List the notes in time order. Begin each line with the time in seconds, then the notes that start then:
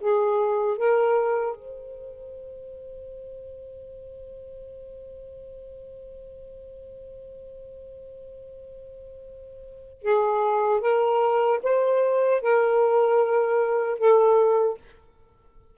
0.00 G#4
0.77 A#4
1.55 C5
10.02 G#4
10.80 A#4
11.63 C5
12.41 A#4
13.98 A4